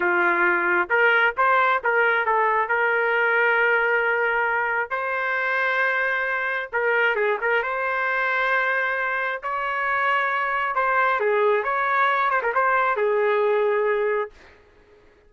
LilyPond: \new Staff \with { instrumentName = "trumpet" } { \time 4/4 \tempo 4 = 134 f'2 ais'4 c''4 | ais'4 a'4 ais'2~ | ais'2. c''4~ | c''2. ais'4 |
gis'8 ais'8 c''2.~ | c''4 cis''2. | c''4 gis'4 cis''4. c''16 ais'16 | c''4 gis'2. | }